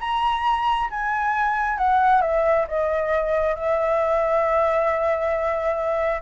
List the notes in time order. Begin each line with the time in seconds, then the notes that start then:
0.00 A#5
0.90 G#5
1.77 F#5
2.21 E5
2.67 D#5
3.55 E5